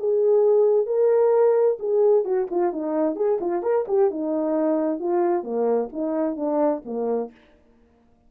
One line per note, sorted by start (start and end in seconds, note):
0.00 0.86 G#4
0.86 1.78 A#4
1.80 2.25 G#4
2.25 2.48 F#4
2.51 2.73 F4
2.73 3.16 D#4
3.16 3.39 G#4
3.41 3.63 F4
3.63 3.86 A#4
3.88 4.11 G4
4.11 5.00 D#4
5.00 5.44 F4
5.44 5.90 A#3
5.93 6.37 D#4
6.37 6.82 D4
6.86 7.31 A#3